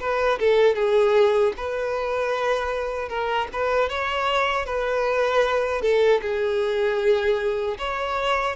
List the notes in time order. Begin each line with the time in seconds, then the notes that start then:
0.00 B4
0.39 A4
0.75 G#4
1.57 B4
3.09 A#4
3.53 B4
3.90 C#5
4.66 B4
5.82 A4
6.22 G#4
7.79 C#5